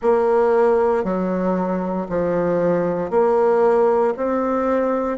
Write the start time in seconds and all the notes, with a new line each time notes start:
0.02 A#3
1.03 F#3
2.09 F3
3.10 A#3
4.17 C4